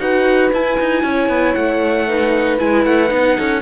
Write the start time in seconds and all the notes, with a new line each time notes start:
0.00 D#4 F#4 B4 F#5
0.53 E4 G#5
0.80 D#4
1.04 C#4 C#5
1.29 B3
1.55 A3 F#5
2.08 D#4 B4
2.59 G#3 E4 G#5
2.85 A3 F#5
3.08 B3 D#4
3.37 C#4 A4